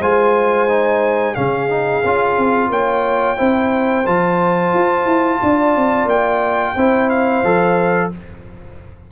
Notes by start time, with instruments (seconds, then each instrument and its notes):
0.00 tuba G#3, trombone F4, horn C5, trumpet G#5
0.68 trombone D#4
1.34 tuba C#3, trombone C#4, horn G#4, trumpet F5
1.69 trombone D#4
2.05 tuba C#4, trombone F4
2.38 tuba C4
2.70 tuba A#3, horn C#5, trumpet G5
3.37 tuba C4, trombone E4, horn C5
4.06 tuba F3, trombone F4, trumpet A5
4.74 tuba F4
5.05 tuba E4
5.43 tuba D4, horn D5
5.76 tuba C4
6.05 tuba A#3, trumpet G5
6.74 tuba C4, trombone E4, horn C5
7.10 trumpet F5
7.44 tuba F3, trombone A4